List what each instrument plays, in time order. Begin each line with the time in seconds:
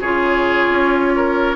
0.00 bassoon C#3, clarinet F4, oboe G#4, flute C#5
0.69 bassoon C#4
1.15 oboe A#4